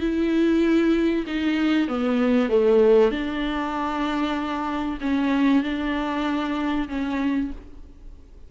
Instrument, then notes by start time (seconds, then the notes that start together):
viola
0.00 E4
1.27 D#4
1.88 B3
2.49 A3
3.11 D4
5.01 C#4
5.63 D4
6.88 C#4